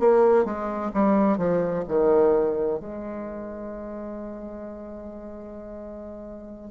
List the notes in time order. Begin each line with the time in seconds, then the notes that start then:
0.00 A#3
0.45 G#3
0.94 G3
1.38 F3
1.88 D#3
2.80 G#3